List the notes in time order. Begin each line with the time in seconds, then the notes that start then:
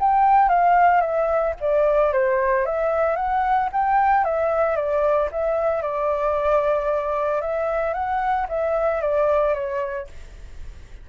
0.00 G5
0.49 F5
1.01 E5
1.61 D5
2.13 C5
2.66 E5
3.16 F#5
3.73 G5
4.25 E5
4.76 D5
5.32 E5
5.82 D5
7.41 E5
7.94 F#5
8.49 E5
9.02 D5
9.55 C#5